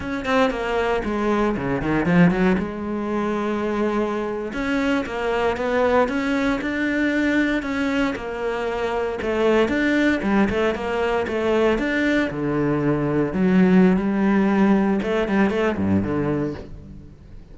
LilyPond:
\new Staff \with { instrumentName = "cello" } { \time 4/4 \tempo 4 = 116 cis'8 c'8 ais4 gis4 cis8 dis8 | f8 fis8 gis2.~ | gis8. cis'4 ais4 b4 cis'16~ | cis'8. d'2 cis'4 ais16~ |
ais4.~ ais16 a4 d'4 g16~ | g16 a8 ais4 a4 d'4 d16~ | d4.~ d16 fis4~ fis16 g4~ | g4 a8 g8 a8 g,8 d4 | }